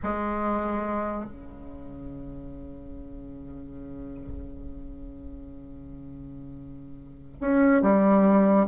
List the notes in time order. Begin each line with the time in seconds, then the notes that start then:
0.02 G#3
1.25 C#3
7.40 C#4
7.81 G3